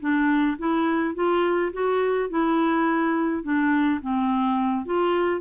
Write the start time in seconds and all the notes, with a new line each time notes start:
0.00 D4
0.59 E4
1.15 F4
1.73 F#4
2.30 E4
3.43 D4
4.02 C4
4.86 F4